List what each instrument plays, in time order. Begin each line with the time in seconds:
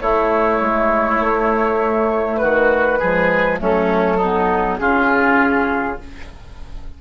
0.00 clarinet A3, bassoon A3, oboe E4, flute C#5
0.60 bassoon G#3
1.20 bassoon A3
2.37 bassoon D#3, oboe F#4, flute B4
2.98 bassoon F3, clarinet G#3, oboe G#4
3.58 bassoon F#3, clarinet A3, oboe C#4, flute A4
4.17 clarinet B3, oboe D#4
4.78 bassoon C#3, clarinet C#4, oboe F4, flute G#4